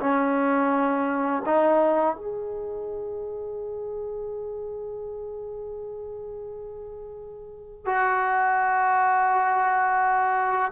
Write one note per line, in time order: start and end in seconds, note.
0.00 1.43 C#4
1.46 2.16 D#4
2.16 7.86 G#4
7.86 10.72 F#4